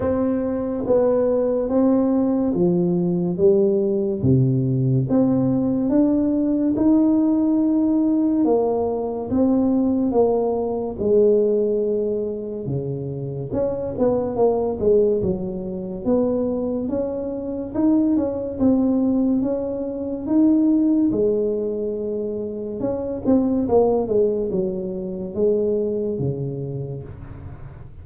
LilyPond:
\new Staff \with { instrumentName = "tuba" } { \time 4/4 \tempo 4 = 71 c'4 b4 c'4 f4 | g4 c4 c'4 d'4 | dis'2 ais4 c'4 | ais4 gis2 cis4 |
cis'8 b8 ais8 gis8 fis4 b4 | cis'4 dis'8 cis'8 c'4 cis'4 | dis'4 gis2 cis'8 c'8 | ais8 gis8 fis4 gis4 cis4 | }